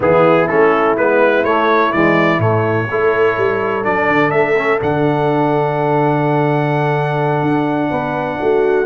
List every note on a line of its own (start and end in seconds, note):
0.00 0.48 E3
0.00 0.48 B3
0.00 2.89 E4
0.00 0.47 G#4
0.47 0.97 A3
0.47 0.97 C#4
0.47 0.95 A4
0.97 1.44 G#3
0.97 1.45 B3
0.97 1.44 B4
1.44 1.92 A3
1.44 1.93 A3
1.44 1.92 C#5
1.92 2.39 E3
1.92 2.40 G#3
1.92 2.40 D5
2.39 2.87 A2
2.39 2.88 A3
2.39 3.84 C#5
2.90 3.37 A3
2.90 3.83 E4
2.90 7.90 A4
3.37 3.85 G3
3.83 4.08 F#3
3.83 4.55 D4
3.83 4.30 D5
4.08 4.31 D3
4.30 4.79 A3
4.30 4.78 E5
4.56 4.80 C#4
4.80 7.42 D3
4.80 8.86 D4
4.80 8.86 F#5
7.42 7.90 D4
7.90 8.39 B3
7.90 8.38 B4
8.40 8.86 A3
8.40 8.86 F#4